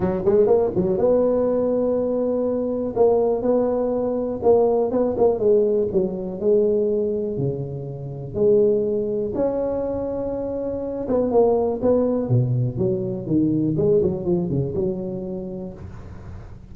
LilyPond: \new Staff \with { instrumentName = "tuba" } { \time 4/4 \tempo 4 = 122 fis8 gis8 ais8 fis8 b2~ | b2 ais4 b4~ | b4 ais4 b8 ais8 gis4 | fis4 gis2 cis4~ |
cis4 gis2 cis'4~ | cis'2~ cis'8 b8 ais4 | b4 b,4 fis4 dis4 | gis8 fis8 f8 cis8 fis2 | }